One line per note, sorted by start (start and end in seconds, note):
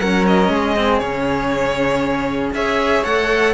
0.00 0.49 F#3
0.00 0.77 C#4
0.00 0.52 A#4
0.00 0.25 F#5
0.28 0.99 D#5
0.49 1.00 G#3
0.49 2.56 G#4
0.77 1.02 C4
0.99 2.52 C#3
0.99 2.55 C#4
0.99 2.52 C#5
2.53 3.04 C#4
2.53 3.05 G#4
2.53 3.54 C#5
2.53 3.05 E5
3.05 3.54 A3
3.05 3.54 A4
3.05 3.54 F#5